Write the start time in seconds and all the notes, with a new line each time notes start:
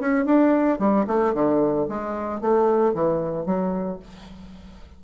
0.00 C#4
0.25 D4
0.79 G3
1.07 A3
1.34 D3
1.89 G#3
2.41 A3
2.94 E3
3.46 F#3